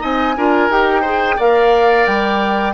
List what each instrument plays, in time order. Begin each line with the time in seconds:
0.00 bassoon C4, clarinet D#4, oboe D#5, flute G#5
0.37 bassoon D4, clarinet F4, oboe A#4
0.69 bassoon D#4, clarinet G4, flute G5
1.02 clarinet G#4, oboe C5
1.37 bassoon A#3, clarinet A#4, oboe D5, flute F5
2.06 bassoon G3, flute G5